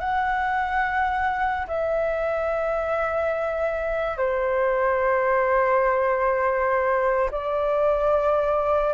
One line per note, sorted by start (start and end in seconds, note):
0.00 1.67 F#5
1.67 4.17 E5
4.18 7.30 C5
7.31 8.94 D5